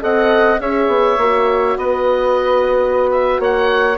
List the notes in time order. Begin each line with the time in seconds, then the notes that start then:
0.00 C4 A4 D#5 F#5
0.59 C#4 G#4 C#5 E5
0.87 B3
1.18 A#3 F#4
1.77 B3 B4 D#5
3.11 E5
3.39 A#3 C#5 F#5